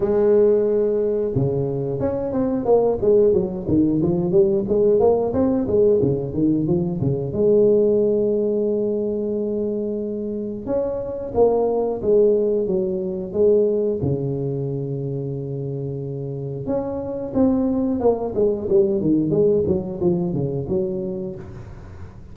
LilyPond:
\new Staff \with { instrumentName = "tuba" } { \time 4/4 \tempo 4 = 90 gis2 cis4 cis'8 c'8 | ais8 gis8 fis8 dis8 f8 g8 gis8 ais8 | c'8 gis8 cis8 dis8 f8 cis8 gis4~ | gis1 |
cis'4 ais4 gis4 fis4 | gis4 cis2.~ | cis4 cis'4 c'4 ais8 gis8 | g8 dis8 gis8 fis8 f8 cis8 fis4 | }